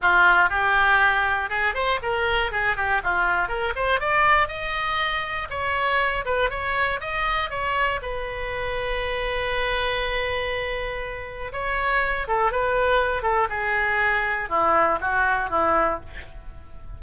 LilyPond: \new Staff \with { instrumentName = "oboe" } { \time 4/4 \tempo 4 = 120 f'4 g'2 gis'8 c''8 | ais'4 gis'8 g'8 f'4 ais'8 c''8 | d''4 dis''2 cis''4~ | cis''8 b'8 cis''4 dis''4 cis''4 |
b'1~ | b'2. cis''4~ | cis''8 a'8 b'4. a'8 gis'4~ | gis'4 e'4 fis'4 e'4 | }